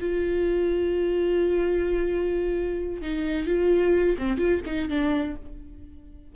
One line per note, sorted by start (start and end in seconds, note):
0.00 3.02 F4
3.02 3.47 D#4
3.47 4.17 F4
4.18 4.38 C4
4.38 4.61 F4
4.66 4.89 D#4
4.89 5.36 D4